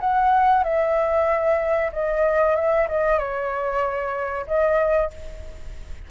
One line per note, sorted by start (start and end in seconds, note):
0.00 0.63 F#5
0.63 1.91 E5
1.92 2.55 D#5
2.55 2.87 E5
2.88 3.18 D#5
3.18 4.46 C#5
4.47 5.10 D#5